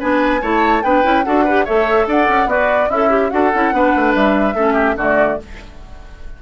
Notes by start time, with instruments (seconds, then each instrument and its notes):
0.00 bassoon B3, clarinet D4, oboe B4, flute G#5
0.42 bassoon A3, clarinet E4, oboe C#5, flute A5
0.83 bassoon B3, clarinet D4, oboe B4, flute G5
1.04 bassoon C#4, clarinet E4
1.24 bassoon D4, clarinet F#4, oboe A4, flute F#5
1.45 clarinet G4, oboe B4
1.65 bassoon A3, clarinet A4, oboe C#5, flute E5
2.08 bassoon D4, oboe D5, flute F#5
2.29 bassoon C#4
2.47 bassoon B3, oboe F#4, clarinet B4, flute D5
2.90 bassoon C#4, oboe E4, clarinet A4, flute E5
3.10 clarinet G4
3.31 bassoon D4, clarinet F#4, oboe A4, flute F#5
3.55 bassoon C#4, clarinet E4
3.73 bassoon B3, clarinet D4, oboe B4
3.96 bassoon A3
4.15 bassoon G3, flute E5
4.55 bassoon A3, clarinet C#4, oboe A4
4.74 oboe G4
4.97 bassoon D3, clarinet A3, oboe F#4, flute D5